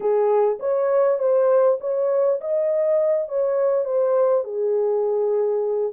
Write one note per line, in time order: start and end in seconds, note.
0.00 0.58 G#4
0.59 1.19 C#5
1.19 1.78 C5
1.80 2.40 C#5
2.40 3.28 D#5
3.28 3.85 C#5
3.85 4.44 C5
4.44 5.92 G#4